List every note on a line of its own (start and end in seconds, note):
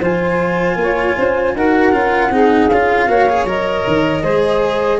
0.00 0.76 F3
0.00 1.56 F4
0.00 0.77 C5
0.00 1.57 G#5
0.76 1.14 A#3
0.82 1.17 C#5
1.17 1.55 C#4
1.17 1.55 C5
1.55 1.93 D#4
1.55 1.92 F#4
1.55 2.32 A#4
1.55 2.69 F#5
1.92 2.30 C#4
1.92 2.31 F4
2.30 2.69 C4
2.30 2.70 D#4
2.30 3.09 G#4
2.69 3.08 C#4
2.69 3.09 F4
2.69 3.46 F5
3.08 3.44 A#3
3.08 3.28 F#4
3.08 4.22 C#5
3.29 3.47 G#4
3.44 3.83 F#3
3.44 4.23 A#4
3.44 5.00 D#5
3.87 4.23 D#3
4.22 5.00 G#3
4.22 5.00 G#4
4.22 4.99 C5